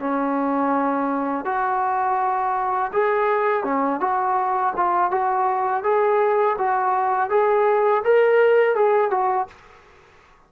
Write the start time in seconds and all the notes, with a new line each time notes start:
0.00 C#4
1.45 F#4
2.93 G#4
3.64 C#4
4.01 F#4
4.77 F4
5.12 F#4
5.84 G#4
6.59 F#4
7.30 G#4
8.05 A#4
8.76 G#4
9.11 F#4